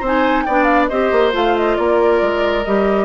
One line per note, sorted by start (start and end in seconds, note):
0.00 0.45 C4
0.00 0.48 D#4
0.00 0.44 C5
0.07 0.44 G#5
0.44 0.91 B3
0.44 0.91 D4
0.44 0.90 D5
0.44 0.64 G5
0.64 0.85 F5
0.88 1.12 C4
0.88 1.32 G4
0.88 1.77 C5
0.88 1.32 D#5
1.12 1.34 A#3
1.32 1.78 A3
1.32 2.63 F4
1.32 1.57 F5
1.57 1.77 D#5
1.77 2.22 A#3
1.77 3.05 A#4
1.77 2.64 D5
2.22 2.66 G#3
2.64 3.05 G3
2.64 3.05 G4
2.64 3.05 D#5